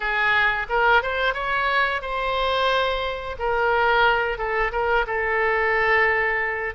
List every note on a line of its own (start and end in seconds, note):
0.00 0.66 G#4
0.69 1.02 A#4
1.02 1.34 C5
1.34 2.01 C#5
2.01 3.36 C5
3.38 4.38 A#4
4.38 4.71 A4
4.72 5.05 A#4
5.07 6.74 A4